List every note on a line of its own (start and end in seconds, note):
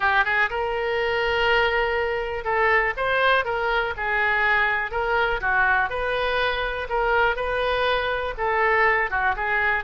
0.00 0.24 G4
0.25 0.49 G#4
0.50 2.44 A#4
2.44 2.93 A4
2.96 3.44 C5
3.44 3.93 A#4
3.96 4.91 G#4
4.91 5.40 A#4
5.41 5.89 F#4
5.89 6.87 B4
6.89 7.35 A#4
7.35 8.34 B4
8.37 9.10 A4
9.10 9.35 F#4
9.36 9.83 G#4